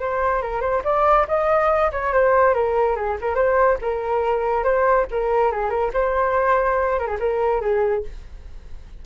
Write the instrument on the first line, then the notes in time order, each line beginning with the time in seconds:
flute
0.00 C5
0.42 A#4
0.61 C5
0.85 D5
1.28 D#5
1.92 C#5
2.14 C5
2.55 A#4
2.96 G#4
3.21 A#4
3.36 C5
3.82 A#4
4.64 C5
5.11 A#4
5.52 G#4
5.70 A#4
5.94 C5
6.99 A#4
7.07 G#4
7.20 A#4
7.62 G#4